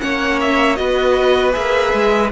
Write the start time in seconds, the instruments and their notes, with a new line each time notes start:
0.00 cello A#3, viola C#4, violin C#5 F#5
0.40 violin E5
0.76 cello B3, viola F#4, violin B4 D#5
1.53 cello A#3, viola G#4, violin E5
1.94 cello G#3